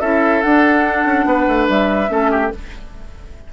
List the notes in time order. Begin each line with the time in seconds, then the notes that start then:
0.00 C#4 E4 A4 E5
0.42 D4 F#5
1.05 C#4
1.25 B3 B4
1.47 A3
1.69 G3 E5
2.08 A3 C#4 A4
2.31 G4